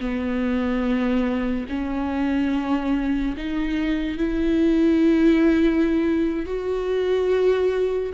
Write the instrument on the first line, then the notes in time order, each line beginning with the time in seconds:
viola
0.00 B3
1.69 C#4
3.37 D#4
4.18 E4
6.46 F#4